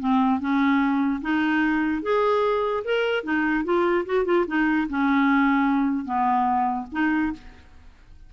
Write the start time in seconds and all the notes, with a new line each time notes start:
0.00 C4
0.40 C#4
1.22 D#4
2.03 G#4
2.85 A#4
3.24 D#4
3.65 F4
4.06 F#4
4.25 F4
4.48 D#4
4.90 C#4
6.06 B3
6.93 D#4